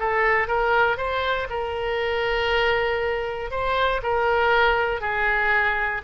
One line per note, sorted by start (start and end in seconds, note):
0.00 0.48 A4
0.48 0.97 A#4
0.97 1.48 C5
1.50 3.51 A#4
3.51 4.02 C5
4.03 5.01 A#4
5.01 6.02 G#4